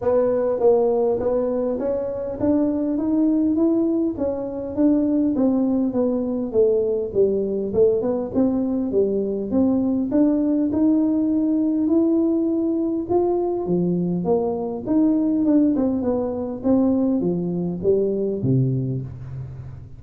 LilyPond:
\new Staff \with { instrumentName = "tuba" } { \time 4/4 \tempo 4 = 101 b4 ais4 b4 cis'4 | d'4 dis'4 e'4 cis'4 | d'4 c'4 b4 a4 | g4 a8 b8 c'4 g4 |
c'4 d'4 dis'2 | e'2 f'4 f4 | ais4 dis'4 d'8 c'8 b4 | c'4 f4 g4 c4 | }